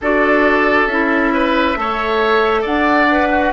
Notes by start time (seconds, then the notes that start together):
0.01 D4 F#4 A4 D5
0.87 C#4 E4 E5
1.33 B4
1.75 A3 A4 C#5
2.61 D4 D5 F#5
3.10 B4
3.31 F#4